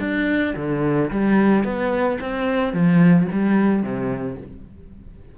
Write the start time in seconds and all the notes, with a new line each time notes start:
0.00 D4
0.56 D3
1.11 G3
1.64 B3
2.21 C4
2.73 F3
3.32 G3
3.83 C3